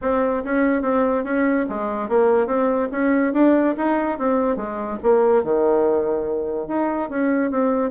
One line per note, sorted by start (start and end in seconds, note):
0.01 0.43 C4
0.44 0.82 C#4
0.82 1.23 C4
1.23 1.65 C#4
1.69 2.08 G#3
2.08 2.47 A#3
2.47 2.88 C4
2.91 3.33 C#4
3.33 3.75 D4
3.77 4.18 D#4
4.18 4.56 C4
4.56 4.98 G#3
5.02 5.43 A#3
5.43 6.67 D#3
6.67 7.09 D#4
7.09 7.50 C#4
7.50 7.91 C4